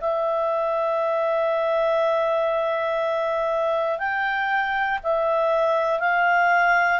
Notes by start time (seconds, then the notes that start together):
0.00 E5
3.98 G5
5.03 E5
6.00 F5